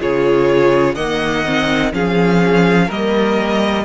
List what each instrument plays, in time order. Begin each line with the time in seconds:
0.00 cello C#3, viola F4, violin G#4 C#5
0.95 cello D#3, viola A#3, violin D#5 F#5
1.46 viola C4
1.93 cello F3, viola C#4, violin G#4 F5
2.88 cello G3, viola A#3, violin A#4 D#5